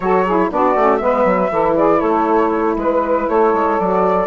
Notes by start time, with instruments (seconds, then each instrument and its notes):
0.00 bassoon F#3, saxophone F#4 A4, flute C#5
0.24 saxophone E4 G#4
0.50 bassoon B3, saxophone D4 F#4, flute D5
0.75 bassoon A3, saxophone C#4
0.96 bassoon G#3, saxophone B3 B4, flute E5
1.24 bassoon F#3
1.50 bassoon E3, saxophone E4 A4
1.76 saxophone G#4, flute D5
1.98 bassoon A3, saxophone A4, flute C#5
2.76 bassoon G#3, saxophone B4, flute B4
3.28 bassoon A3, saxophone A4, flute C#5
3.53 bassoon G#3
3.79 bassoon F#3, saxophone F#4, flute D5